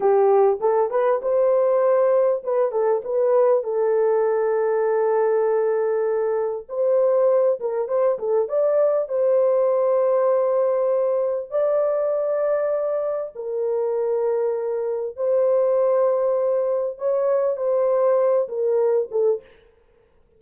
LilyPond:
\new Staff \with { instrumentName = "horn" } { \time 4/4 \tempo 4 = 99 g'4 a'8 b'8 c''2 | b'8 a'8 b'4 a'2~ | a'2. c''4~ | c''8 ais'8 c''8 a'8 d''4 c''4~ |
c''2. d''4~ | d''2 ais'2~ | ais'4 c''2. | cis''4 c''4. ais'4 a'8 | }